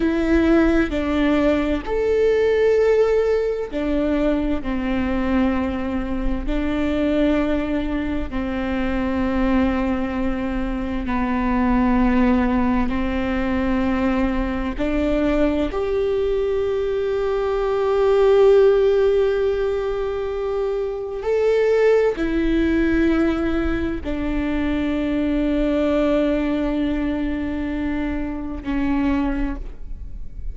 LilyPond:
\new Staff \with { instrumentName = "viola" } { \time 4/4 \tempo 4 = 65 e'4 d'4 a'2 | d'4 c'2 d'4~ | d'4 c'2. | b2 c'2 |
d'4 g'2.~ | g'2. a'4 | e'2 d'2~ | d'2. cis'4 | }